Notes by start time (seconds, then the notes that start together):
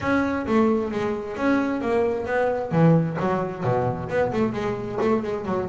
0.00 C#4
0.46 A3
0.91 G#3
1.36 C#4
1.81 A#3
2.26 B3
2.71 E3
3.19 F#3
3.63 B2
4.09 B3
4.32 A3
4.52 G#3
5.00 A3
5.23 G#3
5.45 F#3